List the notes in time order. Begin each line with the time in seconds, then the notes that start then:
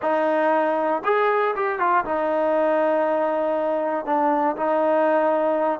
0.02 D#4
1.04 G#4
1.55 G4
1.79 F4
2.04 D#4
4.05 D4
4.56 D#4